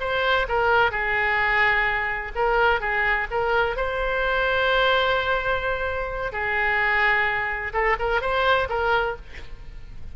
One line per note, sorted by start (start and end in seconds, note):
0.00 0.47 C5
0.48 0.91 A#4
0.91 2.32 G#4
2.35 2.80 A#4
2.80 3.27 G#4
3.31 3.76 A#4
3.76 6.32 C5
6.32 7.73 G#4
7.73 7.96 A4
7.99 8.21 A#4
8.21 8.68 C5
8.69 9.16 A#4